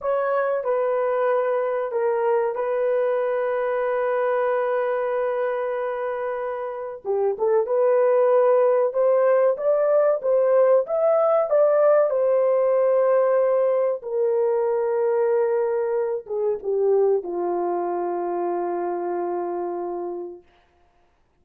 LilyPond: \new Staff \with { instrumentName = "horn" } { \time 4/4 \tempo 4 = 94 cis''4 b'2 ais'4 | b'1~ | b'2. g'8 a'8 | b'2 c''4 d''4 |
c''4 e''4 d''4 c''4~ | c''2 ais'2~ | ais'4. gis'8 g'4 f'4~ | f'1 | }